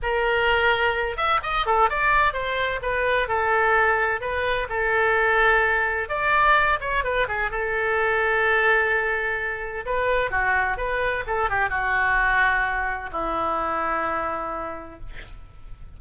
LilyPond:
\new Staff \with { instrumentName = "oboe" } { \time 4/4 \tempo 4 = 128 ais'2~ ais'8 e''8 dis''8 a'8 | d''4 c''4 b'4 a'4~ | a'4 b'4 a'2~ | a'4 d''4. cis''8 b'8 gis'8 |
a'1~ | a'4 b'4 fis'4 b'4 | a'8 g'8 fis'2. | e'1 | }